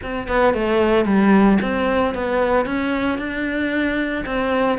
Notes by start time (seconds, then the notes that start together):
0.03 C4
0.27 B3
0.54 A3
1.05 G3
1.61 C4
2.14 B3
2.65 C#4
3.18 D4
4.25 C4